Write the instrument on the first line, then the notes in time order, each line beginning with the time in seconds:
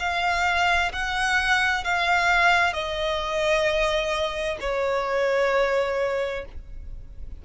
violin
0.00 F5
0.93 F#5
1.84 F5
2.74 D#5
4.61 C#5